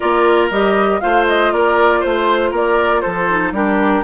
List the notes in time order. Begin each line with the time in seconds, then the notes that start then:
0.00 A#3 F4 A#4 D5
0.50 G3 G4 D#5
1.00 A3 F4 C5 F5
1.27 D#5
1.52 A#3 A#4 D5
2.00 A3 C5
2.50 A#3 A#4 D5
3.01 F3 A4 C5
3.29 D#4
3.51 G3 D4 G4 A#4